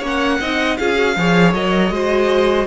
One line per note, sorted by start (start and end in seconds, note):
0.00 0.40 A#3
0.00 0.41 C#4
0.00 0.38 C#5
0.06 0.77 F#5
0.40 0.78 C4
0.40 0.80 D#4
0.40 0.79 D#5
0.77 1.17 C#4
0.77 0.96 F4
0.77 1.17 G#4
0.77 1.53 F5
0.96 1.15 F#4
1.17 1.54 F3
1.17 1.56 G#4
1.17 1.94 C#5
1.54 1.91 F#3
1.54 1.92 A#4
1.54 2.67 D#5
1.91 2.67 G#3
1.91 2.67 F#4
1.91 2.67 C5